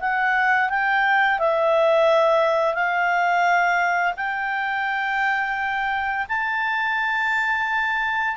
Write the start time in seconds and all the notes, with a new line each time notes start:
0.00 F#5
0.70 G5
1.39 E5
2.74 F5
4.17 G5
6.29 A5